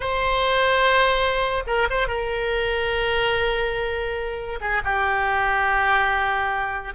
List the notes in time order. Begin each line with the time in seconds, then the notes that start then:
0.00 C5
1.66 A#4
1.90 C5
2.07 A#4
4.60 G#4
4.84 G4